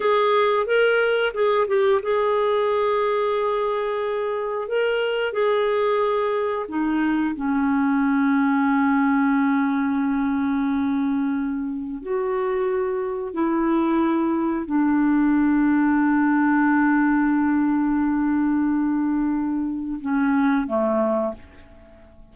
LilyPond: \new Staff \with { instrumentName = "clarinet" } { \time 4/4 \tempo 4 = 90 gis'4 ais'4 gis'8 g'8 gis'4~ | gis'2. ais'4 | gis'2 dis'4 cis'4~ | cis'1~ |
cis'2 fis'2 | e'2 d'2~ | d'1~ | d'2 cis'4 a4 | }